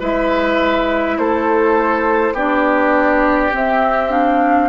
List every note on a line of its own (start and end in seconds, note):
0.00 1.18 G#3
0.00 2.35 E4
0.00 1.18 B4
0.00 1.18 E5
1.18 2.33 A3
1.18 2.34 A4
1.18 2.36 C5
2.33 3.51 B3
2.33 3.52 D4
2.33 4.69 G4
2.33 3.54 D5
3.52 4.11 C4
3.52 4.69 C4
3.52 4.12 E5
4.11 4.69 D4
4.11 4.69 F5